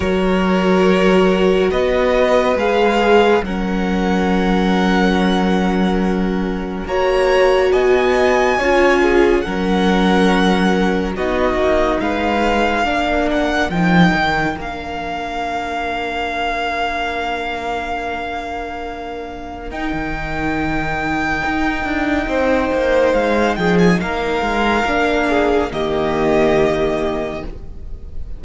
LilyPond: <<
  \new Staff \with { instrumentName = "violin" } { \time 4/4 \tempo 4 = 70 cis''2 dis''4 f''4 | fis''1 | ais''4 gis''2 fis''4~ | fis''4 dis''4 f''4. fis''8 |
g''4 f''2.~ | f''2. g''4~ | g''2. f''8 g''16 gis''16 | f''2 dis''2 | }
  \new Staff \with { instrumentName = "violin" } { \time 4/4 ais'2 b'2 | ais'1 | cis''4 dis''4 cis''8 gis'8 ais'4~ | ais'4 fis'4 b'4 ais'4~ |
ais'1~ | ais'1~ | ais'2 c''4. gis'8 | ais'4. gis'8 g'2 | }
  \new Staff \with { instrumentName = "viola" } { \time 4/4 fis'2. gis'4 | cis'1 | fis'2 f'4 cis'4~ | cis'4 dis'2 d'4 |
dis'4 d'2.~ | d'2. dis'4~ | dis'1~ | dis'4 d'4 ais2 | }
  \new Staff \with { instrumentName = "cello" } { \time 4/4 fis2 b4 gis4 | fis1 | ais4 b4 cis'4 fis4~ | fis4 b8 ais8 gis4 ais4 |
f8 dis8 ais2.~ | ais2. dis'16 dis8.~ | dis4 dis'8 d'8 c'8 ais8 gis8 f8 | ais8 gis8 ais4 dis2 | }
>>